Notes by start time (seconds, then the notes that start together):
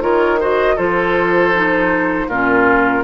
0.00 D#3 F4 A#4 C#5
0.39 F#4 C5 D#5
0.75 F3 F4 A4 C5
1.54 D#4
2.28 A#2 C#4 F4 A#4